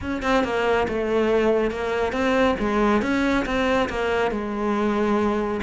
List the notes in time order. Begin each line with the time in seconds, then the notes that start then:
0.01 C#4
0.22 C4
0.44 A#3
0.88 A3
1.70 A#3
2.12 C4
2.59 G#3
3.01 C#4
3.45 C4
3.89 A#3
4.31 G#3